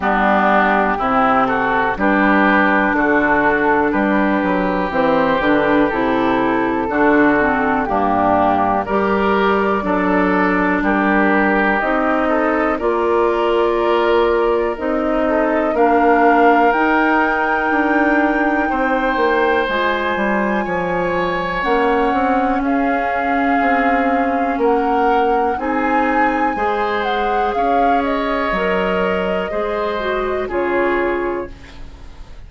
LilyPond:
<<
  \new Staff \with { instrumentName = "flute" } { \time 4/4 \tempo 4 = 61 g'4. a'8 b'4 a'4 | b'4 c''8 b'8 a'2 | g'4 d''2 ais'4 | dis''4 d''2 dis''4 |
f''4 g''2. | gis''2 fis''4 f''4~ | f''4 fis''4 gis''4. fis''8 | f''8 dis''2~ dis''8 cis''4 | }
  \new Staff \with { instrumentName = "oboe" } { \time 4/4 d'4 e'8 fis'8 g'4 fis'4 | g'2. fis'4 | d'4 ais'4 a'4 g'4~ | g'8 a'8 ais'2~ ais'8 a'8 |
ais'2. c''4~ | c''4 cis''2 gis'4~ | gis'4 ais'4 gis'4 c''4 | cis''2 c''4 gis'4 | }
  \new Staff \with { instrumentName = "clarinet" } { \time 4/4 b4 c'4 d'2~ | d'4 c'8 d'8 e'4 d'8 c'8 | ais4 g'4 d'2 | dis'4 f'2 dis'4 |
d'4 dis'2. | f'2 cis'2~ | cis'2 dis'4 gis'4~ | gis'4 ais'4 gis'8 fis'8 f'4 | }
  \new Staff \with { instrumentName = "bassoon" } { \time 4/4 g4 c4 g4 d4 | g8 fis8 e8 d8 c4 d4 | g,4 g4 fis4 g4 | c'4 ais2 c'4 |
ais4 dis'4 d'4 c'8 ais8 | gis8 g8 f4 ais8 c'8 cis'4 | c'4 ais4 c'4 gis4 | cis'4 fis4 gis4 cis4 | }
>>